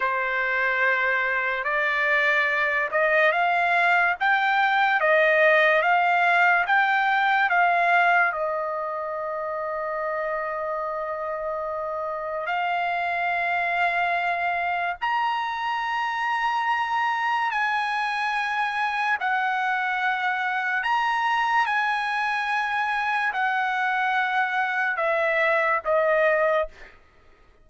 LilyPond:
\new Staff \with { instrumentName = "trumpet" } { \time 4/4 \tempo 4 = 72 c''2 d''4. dis''8 | f''4 g''4 dis''4 f''4 | g''4 f''4 dis''2~ | dis''2. f''4~ |
f''2 ais''2~ | ais''4 gis''2 fis''4~ | fis''4 ais''4 gis''2 | fis''2 e''4 dis''4 | }